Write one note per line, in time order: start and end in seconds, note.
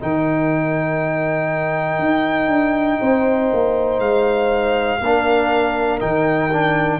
0.00 1.99 D#3
0.00 5.00 D#4
0.00 3.00 A#4
0.00 3.99 G5
1.99 2.47 D#4
2.47 2.97 D4
3.00 3.51 C4
3.00 5.00 C5
3.53 3.99 A#3
3.99 4.99 G#3
3.99 5.99 F5
5.01 6.01 A#3
5.01 5.99 D4
5.01 7.00 A#4
5.99 7.00 D#3
5.99 6.49 D#4
5.99 7.00 G5
6.52 7.00 D4